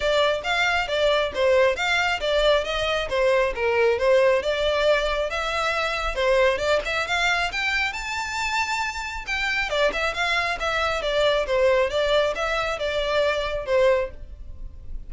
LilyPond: \new Staff \with { instrumentName = "violin" } { \time 4/4 \tempo 4 = 136 d''4 f''4 d''4 c''4 | f''4 d''4 dis''4 c''4 | ais'4 c''4 d''2 | e''2 c''4 d''8 e''8 |
f''4 g''4 a''2~ | a''4 g''4 d''8 e''8 f''4 | e''4 d''4 c''4 d''4 | e''4 d''2 c''4 | }